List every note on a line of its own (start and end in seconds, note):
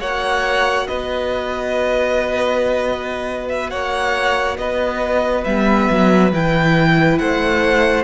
0.00 0.88 A#3
0.00 5.44 F#4
0.00 0.87 C#5
0.00 0.87 F#5
0.87 3.72 B3
0.87 3.70 B4
0.87 3.48 D#5
3.49 3.70 E5
3.70 4.58 A#3
3.70 4.57 C#5
3.70 4.57 F#5
4.58 5.45 B3
4.58 7.20 B4
4.58 5.44 D#5
5.44 5.89 G3
5.44 6.32 B3
5.44 6.31 E5
5.90 6.32 F#3
6.32 7.19 E3
6.32 8.03 E4
6.32 7.18 G5
7.18 8.03 A3
7.18 8.03 C5
7.18 8.03 F#5